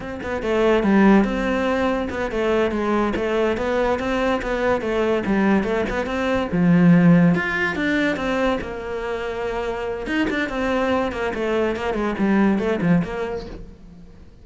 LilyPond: \new Staff \with { instrumentName = "cello" } { \time 4/4 \tempo 4 = 143 c'8 b8 a4 g4 c'4~ | c'4 b8 a4 gis4 a8~ | a8 b4 c'4 b4 a8~ | a8 g4 a8 b8 c'4 f8~ |
f4. f'4 d'4 c'8~ | c'8 ais2.~ ais8 | dis'8 d'8 c'4. ais8 a4 | ais8 gis8 g4 a8 f8 ais4 | }